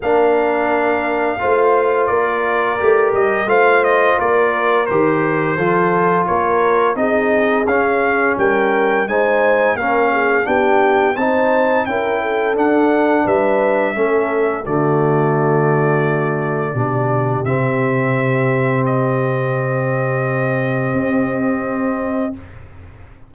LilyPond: <<
  \new Staff \with { instrumentName = "trumpet" } { \time 4/4 \tempo 4 = 86 f''2. d''4~ | d''8 dis''8 f''8 dis''8 d''4 c''4~ | c''4 cis''4 dis''4 f''4 | g''4 gis''4 f''4 g''4 |
a''4 g''4 fis''4 e''4~ | e''4 d''2.~ | d''4 e''2 dis''4~ | dis''1 | }
  \new Staff \with { instrumentName = "horn" } { \time 4/4 ais'2 c''4 ais'4~ | ais'4 c''4 ais'2 | a'4 ais'4 gis'2 | ais'4 c''4 ais'8 gis'8 g'4 |
c''4 ais'8 a'4. b'4 | a'4 fis'2. | g'1~ | g'1 | }
  \new Staff \with { instrumentName = "trombone" } { \time 4/4 d'2 f'2 | g'4 f'2 g'4 | f'2 dis'4 cis'4~ | cis'4 dis'4 cis'4 d'4 |
dis'4 e'4 d'2 | cis'4 a2. | d'4 c'2.~ | c'1 | }
  \new Staff \with { instrumentName = "tuba" } { \time 4/4 ais2 a4 ais4 | a8 g8 a4 ais4 dis4 | f4 ais4 c'4 cis'4 | g4 gis4 ais4 b4 |
c'4 cis'4 d'4 g4 | a4 d2. | b,4 c2.~ | c2 c'2 | }
>>